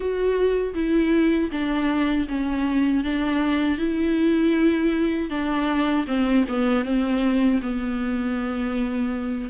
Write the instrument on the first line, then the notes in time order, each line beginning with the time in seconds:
viola
0.00 F#4
0.74 E4
1.51 D4
2.28 C#4
3.04 D4
3.78 E4
5.30 D4
6.07 C4
6.48 B3
6.85 C4
7.62 B3